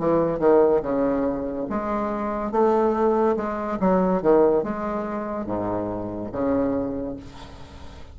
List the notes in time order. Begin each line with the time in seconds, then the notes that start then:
0.00 E3
0.40 D#3
0.83 C#3
1.70 G#3
2.52 A3
3.37 G#3
3.80 F#3
4.23 D#3
4.64 G#3
5.47 G#2
6.33 C#3